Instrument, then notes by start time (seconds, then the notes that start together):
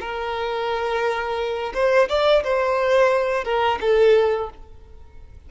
violin
0.00 A#4
1.74 C5
2.08 D5
2.43 C5
3.44 A#4
3.80 A4